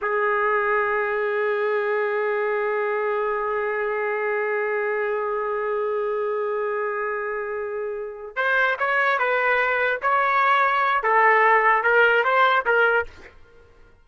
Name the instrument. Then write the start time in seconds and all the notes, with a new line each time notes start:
trumpet
0.01 G#4
8.36 C5
8.78 C#5
9.18 B4
10.02 C#5
11.03 A4
11.83 A#4
12.24 C5
12.65 A#4